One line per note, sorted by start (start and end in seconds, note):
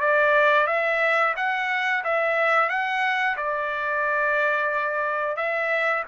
0.00 0.66 D5
0.66 1.34 E5
1.36 2.03 F#5
2.04 2.69 E5
2.69 3.36 F#5
3.37 5.36 D5
5.36 6.03 E5